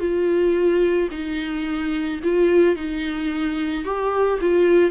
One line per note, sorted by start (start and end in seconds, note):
0.00 1.09 F4
1.12 2.21 D#4
2.24 2.76 F4
2.76 3.85 D#4
3.85 4.40 G4
4.41 4.91 F4